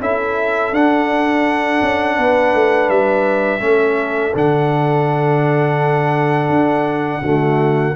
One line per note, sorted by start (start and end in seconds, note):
0.00 0.72 C#4
0.00 0.73 E4
0.00 2.16 A4
0.00 0.74 E5
0.72 1.80 D4
0.72 3.60 D4
0.72 2.89 F#5
1.82 2.17 C#4
2.16 2.54 B3
2.16 3.60 B4
2.54 2.89 A3
2.89 3.61 G3
2.89 4.34 E5
3.60 4.33 A3
3.60 4.32 C#4
3.60 7.21 A4
4.33 6.49 D3
4.33 7.23 D4
4.33 7.95 F#5
6.49 7.21 D4
7.21 7.94 D3
7.21 7.95 A3
7.21 7.94 F#4